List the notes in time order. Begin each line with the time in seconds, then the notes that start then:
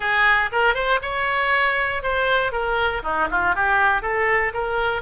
0.00 G#4
0.52 A#4
0.74 C5
1.02 C#5
2.02 C5
2.52 A#4
3.02 D#4
3.30 F4
3.55 G4
4.02 A4
4.53 A#4